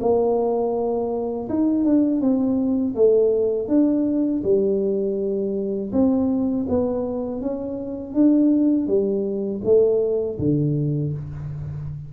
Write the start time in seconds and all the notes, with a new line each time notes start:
0.00 A#3
1.49 D#4
1.84 D4
2.20 C4
2.95 A3
3.68 D4
4.43 G3
5.92 C4
6.68 B3
7.41 C#4
8.14 D4
8.87 G3
9.64 A3
10.38 D3